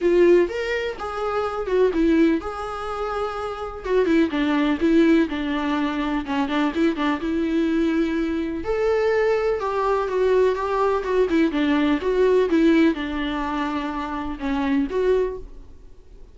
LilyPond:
\new Staff \with { instrumentName = "viola" } { \time 4/4 \tempo 4 = 125 f'4 ais'4 gis'4. fis'8 | e'4 gis'2. | fis'8 e'8 d'4 e'4 d'4~ | d'4 cis'8 d'8 e'8 d'8 e'4~ |
e'2 a'2 | g'4 fis'4 g'4 fis'8 e'8 | d'4 fis'4 e'4 d'4~ | d'2 cis'4 fis'4 | }